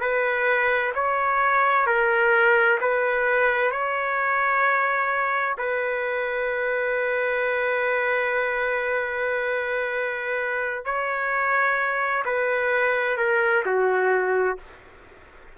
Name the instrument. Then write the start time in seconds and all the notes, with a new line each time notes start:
trumpet
0.00 B4
0.94 C#5
1.86 A#4
2.80 B4
3.71 C#5
5.58 B4
10.85 C#5
12.25 B4
13.17 A#4
13.65 F#4